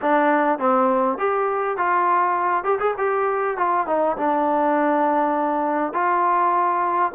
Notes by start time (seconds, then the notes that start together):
0.01 D4
0.58 C4
1.18 G4
1.77 F4
2.64 G4
2.79 G#4
2.97 G4
3.57 F4
3.86 D#4
4.17 D4
5.93 F4